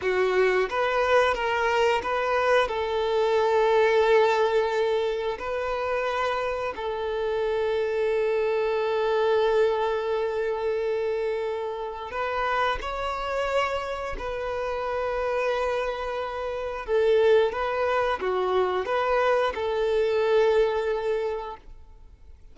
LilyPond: \new Staff \with { instrumentName = "violin" } { \time 4/4 \tempo 4 = 89 fis'4 b'4 ais'4 b'4 | a'1 | b'2 a'2~ | a'1~ |
a'2 b'4 cis''4~ | cis''4 b'2.~ | b'4 a'4 b'4 fis'4 | b'4 a'2. | }